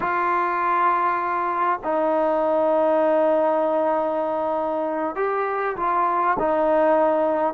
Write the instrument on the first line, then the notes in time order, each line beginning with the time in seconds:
trombone
0.00 F4
1.83 D#4
5.15 G4
5.76 F4
6.39 D#4